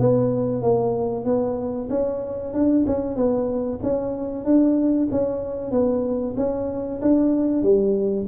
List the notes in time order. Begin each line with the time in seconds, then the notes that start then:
0.00 B3
0.63 A#3
1.25 B3
1.90 C#4
2.54 D4
2.87 C#4
3.17 B3
3.83 C#4
4.45 D4
5.12 C#4
5.72 B3
6.37 C#4
7.02 D4
7.63 G3